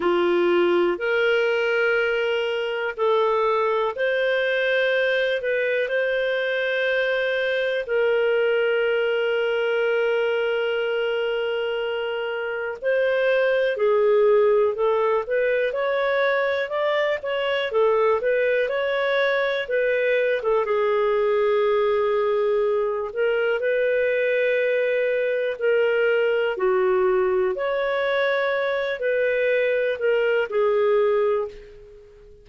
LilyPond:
\new Staff \with { instrumentName = "clarinet" } { \time 4/4 \tempo 4 = 61 f'4 ais'2 a'4 | c''4. b'8 c''2 | ais'1~ | ais'4 c''4 gis'4 a'8 b'8 |
cis''4 d''8 cis''8 a'8 b'8 cis''4 | b'8. a'16 gis'2~ gis'8 ais'8 | b'2 ais'4 fis'4 | cis''4. b'4 ais'8 gis'4 | }